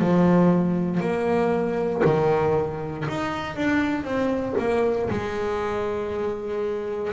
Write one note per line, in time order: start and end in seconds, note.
0.00 1.00 F3
1.00 2.02 A#3
2.05 3.06 D#3
3.08 3.56 D#4
3.56 4.04 D4
4.04 4.55 C4
4.58 5.09 A#3
5.10 7.13 G#3